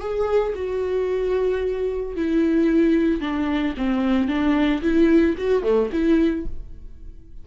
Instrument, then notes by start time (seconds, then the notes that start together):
viola
0.00 G#4
0.55 F#4
2.16 E4
3.21 D4
3.77 C4
4.28 D4
4.82 E4
5.38 F#4
5.63 A3
5.92 E4